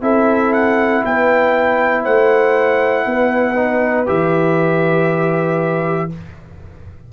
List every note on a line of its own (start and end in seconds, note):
0.00 1.02 C4
0.00 3.55 E4
0.00 1.03 A4
0.00 0.53 E5
0.53 1.04 F#5
1.04 2.05 B3
1.04 2.03 B4
1.04 2.04 G5
2.03 3.06 A3
2.03 3.05 C5
2.03 4.07 F#5
3.06 4.07 B3
3.06 6.12 B4
3.55 4.06 D#4
4.06 6.12 E3
4.06 6.09 G4
4.06 6.11 E5